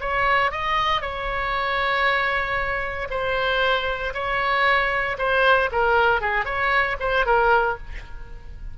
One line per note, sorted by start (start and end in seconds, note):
0.00 0.51 C#5
0.51 1.02 D#5
1.02 3.08 C#5
3.10 4.14 C5
4.14 5.17 C#5
5.18 5.70 C5
5.72 6.21 A#4
6.21 6.45 G#4
6.45 6.97 C#5
7.00 7.26 C5
7.26 7.78 A#4